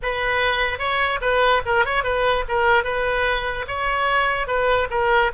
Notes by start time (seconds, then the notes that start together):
0.02 B4
0.78 C#5
1.21 B4
1.65 A#4
1.85 C#5
2.03 B4
2.48 A#4
2.84 B4
3.67 C#5
4.47 B4
4.90 A#4